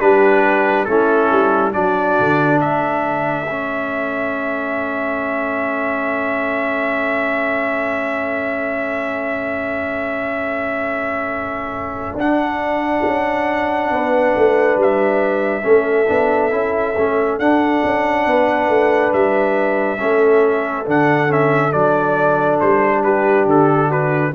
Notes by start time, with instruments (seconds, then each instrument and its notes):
0.00 tuba G3, trombone D4, horn G4, trumpet B4
0.85 tuba A3, trombone C#4, horn E4, trumpet A4
1.32 tuba G3
1.73 tuba F#3, trombone D4, horn F#4, trumpet D5
2.20 tuba D3
2.61 tuba A3, horn A4, trumpet E5
3.50 trombone C#4
12.15 tuba D4, trombone D4, trumpet F#5
13.04 tuba C#4
13.91 tuba B3, horn B4
14.36 tuba A3
14.76 tuba G3, trumpet E5
15.62 tuba A3, trombone C#4, horn A4
16.08 tuba B3, trombone D4
16.51 tuba C#4, trombone E4
16.97 tuba A3, trombone C#4
17.39 tuba D4, trombone D4, trumpet F#5
17.85 tuba C#4
18.26 tuba B3, horn B4
18.69 tuba A3
19.13 tuba G3, trumpet E5
19.98 tuba A3, trombone C#4, horn A4
20.86 tuba D3, trombone D4, trumpet F#5
21.29 trombone C#4, trumpet E5
21.72 tuba F#3, trombone D4, trumpet D5
22.60 tuba G3, trumpet C5
23.03 horn G4, trumpet B4
23.46 tuba D3, trumpet A4
23.88 horn F#4, trumpet B4